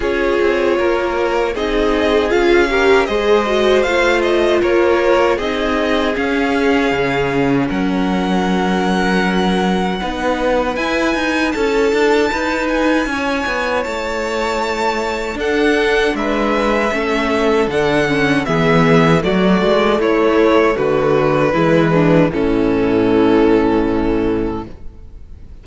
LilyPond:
<<
  \new Staff \with { instrumentName = "violin" } { \time 4/4 \tempo 4 = 78 cis''2 dis''4 f''4 | dis''4 f''8 dis''8 cis''4 dis''4 | f''2 fis''2~ | fis''2 gis''4 a''4~ |
a''8 gis''4. a''2 | fis''4 e''2 fis''4 | e''4 d''4 cis''4 b'4~ | b'4 a'2. | }
  \new Staff \with { instrumentName = "violin" } { \time 4/4 gis'4 ais'4 gis'4. ais'8 | c''2 ais'4 gis'4~ | gis'2 ais'2~ | ais'4 b'2 a'4 |
b'4 cis''2. | a'4 b'4 a'2 | gis'4 fis'4 e'4 fis'4 | e'8 d'8 cis'2. | }
  \new Staff \with { instrumentName = "viola" } { \time 4/4 f'2 dis'4 f'8 g'8 | gis'8 fis'8 f'2 dis'4 | cis'1~ | cis'4 dis'4 e'2~ |
e'1 | d'2 cis'4 d'8 cis'8 | b4 a2. | gis4 e2. | }
  \new Staff \with { instrumentName = "cello" } { \time 4/4 cis'8 c'8 ais4 c'4 cis'4 | gis4 a4 ais4 c'4 | cis'4 cis4 fis2~ | fis4 b4 e'8 dis'8 cis'8 d'8 |
dis'4 cis'8 b8 a2 | d'4 gis4 a4 d4 | e4 fis8 gis8 a4 d4 | e4 a,2. | }
>>